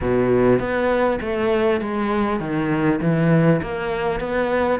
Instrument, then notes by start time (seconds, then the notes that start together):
cello
0.01 B2
0.59 B3
1.20 A3
1.80 G#3
2.40 D#3
3.01 E3
3.62 A#3
4.20 B3